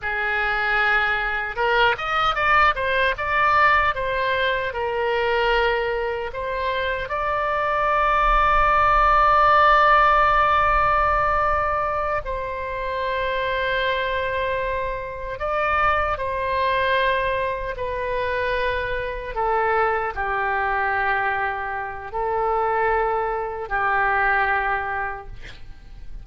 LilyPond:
\new Staff \with { instrumentName = "oboe" } { \time 4/4 \tempo 4 = 76 gis'2 ais'8 dis''8 d''8 c''8 | d''4 c''4 ais'2 | c''4 d''2.~ | d''2.~ d''8 c''8~ |
c''2.~ c''8 d''8~ | d''8 c''2 b'4.~ | b'8 a'4 g'2~ g'8 | a'2 g'2 | }